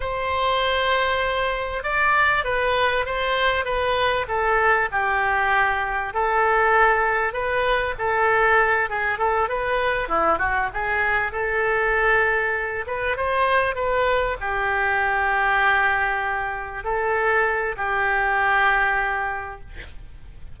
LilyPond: \new Staff \with { instrumentName = "oboe" } { \time 4/4 \tempo 4 = 98 c''2. d''4 | b'4 c''4 b'4 a'4 | g'2 a'2 | b'4 a'4. gis'8 a'8 b'8~ |
b'8 e'8 fis'8 gis'4 a'4.~ | a'4 b'8 c''4 b'4 g'8~ | g'2.~ g'8 a'8~ | a'4 g'2. | }